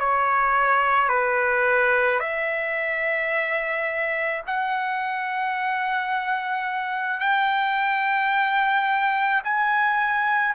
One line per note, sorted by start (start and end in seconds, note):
0.00 1.09 C#5
1.09 2.20 B4
2.20 4.42 E5
4.47 7.20 F#5
7.20 9.42 G5
9.44 10.55 G#5